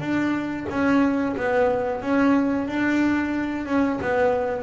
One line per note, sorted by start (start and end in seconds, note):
0.00 0.66 D4
0.69 1.35 C#4
1.36 2.02 B3
2.02 2.68 C#4
2.68 3.66 D4
3.66 3.99 C#4
4.01 4.62 B3